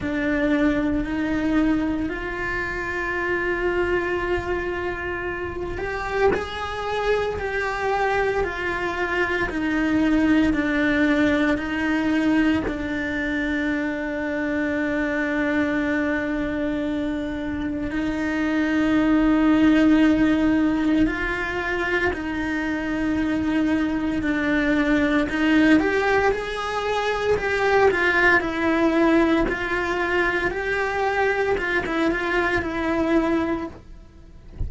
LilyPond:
\new Staff \with { instrumentName = "cello" } { \time 4/4 \tempo 4 = 57 d'4 dis'4 f'2~ | f'4. g'8 gis'4 g'4 | f'4 dis'4 d'4 dis'4 | d'1~ |
d'4 dis'2. | f'4 dis'2 d'4 | dis'8 g'8 gis'4 g'8 f'8 e'4 | f'4 g'4 f'16 e'16 f'8 e'4 | }